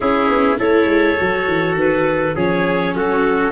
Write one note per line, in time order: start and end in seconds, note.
0.00 0.28 C#4
0.00 0.57 C#4
0.00 0.59 E4
0.00 0.58 G#4
0.28 0.58 B3
0.57 0.85 A3
0.57 1.16 E4
0.57 2.35 A4
0.57 1.77 C#5
0.85 1.15 G#3
1.16 1.47 F#3
1.16 2.34 F#4
1.47 1.74 E3
1.74 2.32 D#3
1.74 2.36 B4
2.35 2.94 F3
2.35 3.51 C#4
2.35 2.94 G#4
2.35 2.95 C#5
2.94 3.51 F#3
2.94 3.51 F#4
2.94 3.51 A4